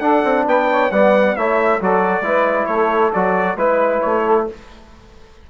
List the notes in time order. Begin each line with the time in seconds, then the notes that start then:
0.00 D4 A4 F#5
0.25 C4
0.46 B3 B4 G5
0.70 C#5
0.91 G3 B3 D5 F#5
1.36 A3 E4 C#5 E5
1.81 F#3 F#4 A4 D5
2.21 G#3 E4 B4
2.66 A3 A4 C#5
3.13 F#3 F#4 D5
3.56 G#3 E4 B4
4.01 A3 C#5
4.25 A4